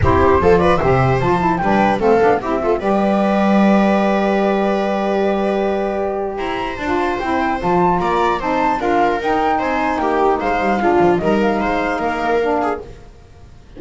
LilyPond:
<<
  \new Staff \with { instrumentName = "flute" } { \time 4/4 \tempo 4 = 150 c''4. d''8 e''4 a''4 | g''4 f''4 e''4 d''4~ | d''1~ | d''1 |
ais''4 a''4 g''4 a''4 | ais''4 a''4 f''4 g''4 | gis''4 g''4 f''2 | dis''8 f''2.~ f''8 | }
  \new Staff \with { instrumentName = "viola" } { \time 4/4 g'4 a'8 b'8 c''2 | b'4 a'4 g'8 a'8 b'4~ | b'1~ | b'1 |
c''1 | d''4 c''4 ais'2 | c''4 g'4 c''4 f'4 | ais'4 c''4 ais'4. gis'8 | }
  \new Staff \with { instrumentName = "saxophone" } { \time 4/4 e'4 f'4 g'4 f'8 e'8 | d'4 c'8 d'8 e'8 f'8 g'4~ | g'1~ | g'1~ |
g'4 f'4 e'4 f'4~ | f'4 dis'4 f'4 dis'4~ | dis'2. d'4 | dis'2. d'4 | }
  \new Staff \with { instrumentName = "double bass" } { \time 4/4 c'4 f4 c4 f4 | g4 a8 b8 c'4 g4~ | g1~ | g1 |
e'4 d'4 c'4 f4 | ais4 c'4 d'4 dis'4 | c'4 ais4 gis8 g8 gis8 f8 | g4 gis4 ais2 | }
>>